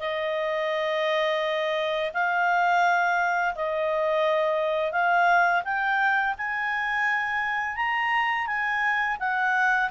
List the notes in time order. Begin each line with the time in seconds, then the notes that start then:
0.00 D#5
2.14 F5
3.56 D#5
4.92 F5
5.64 G5
6.38 G#5
7.76 A#5
8.47 G#5
9.20 F#5